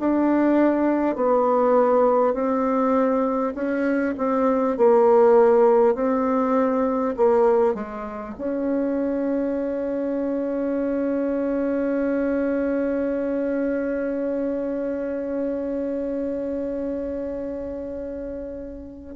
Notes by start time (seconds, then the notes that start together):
0.00 D4
1.16 B3
2.34 C4
3.55 C#4
4.18 C4
4.78 A#3
5.95 C4
7.17 A#3
7.75 G#3
8.38 C#4